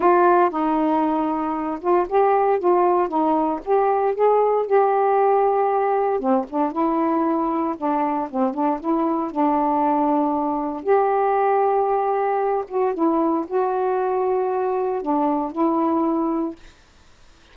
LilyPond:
\new Staff \with { instrumentName = "saxophone" } { \time 4/4 \tempo 4 = 116 f'4 dis'2~ dis'8 f'8 | g'4 f'4 dis'4 g'4 | gis'4 g'2. | c'8 d'8 e'2 d'4 |
c'8 d'8 e'4 d'2~ | d'4 g'2.~ | g'8 fis'8 e'4 fis'2~ | fis'4 d'4 e'2 | }